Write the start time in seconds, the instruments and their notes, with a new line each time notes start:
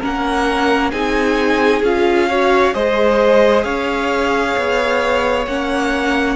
0.00 cello A#3, viola C#4, violin A#4 F#5
0.91 cello C4, viola D#4, violin G#4 G#5
1.82 cello C#4, viola F4, violin F5
2.29 viola F#4, violin C#5
2.74 cello G#3, viola G#4, violin C5 D#5
3.64 cello C#4, violin C#5 F5
4.57 cello B3
5.46 cello A#3, viola C#4, violin F#5